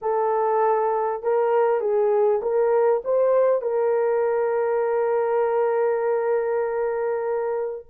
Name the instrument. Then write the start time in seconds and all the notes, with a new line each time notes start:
horn
0.01 A4
1.22 A#4
1.80 G#4
2.42 A#4
3.04 C5
3.61 A#4